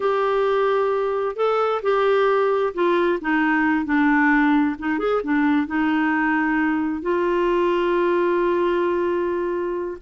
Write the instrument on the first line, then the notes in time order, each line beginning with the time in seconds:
clarinet
0.00 G4
1.36 A4
1.82 G4
2.74 F4
3.21 D#4
3.85 D4
4.78 D#4
4.99 G#4
5.23 D4
5.66 D#4
7.02 F4